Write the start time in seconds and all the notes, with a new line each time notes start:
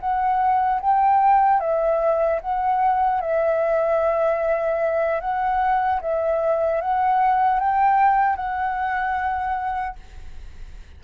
0.00 F#5
0.80 G5
1.60 E5
2.41 F#5
3.20 E5
5.20 F#5
6.01 E5
6.81 F#5
7.59 G5
8.36 F#5